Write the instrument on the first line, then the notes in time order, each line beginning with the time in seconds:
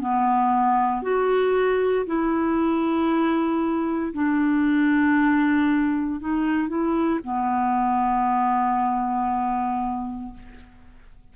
clarinet
0.00 B3
1.03 F#4
2.06 E4
4.13 D4
6.21 D#4
6.68 E4
7.24 B3